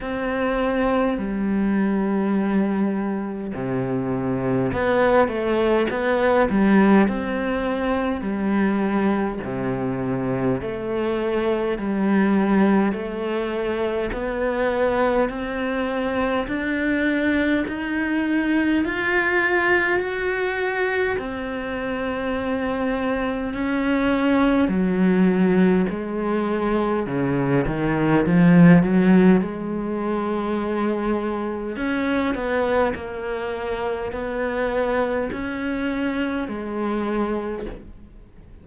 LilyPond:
\new Staff \with { instrumentName = "cello" } { \time 4/4 \tempo 4 = 51 c'4 g2 c4 | b8 a8 b8 g8 c'4 g4 | c4 a4 g4 a4 | b4 c'4 d'4 dis'4 |
f'4 fis'4 c'2 | cis'4 fis4 gis4 cis8 dis8 | f8 fis8 gis2 cis'8 b8 | ais4 b4 cis'4 gis4 | }